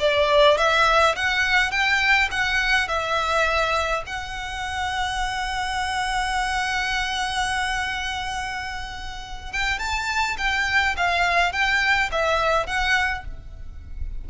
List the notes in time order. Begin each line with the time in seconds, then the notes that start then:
0.00 D5
0.58 E5
1.16 F#5
1.72 G5
2.32 F#5
2.88 E5
4.07 F#5
9.53 G5
9.79 A5
10.38 G5
10.97 F5
11.53 G5
12.12 E5
12.67 F#5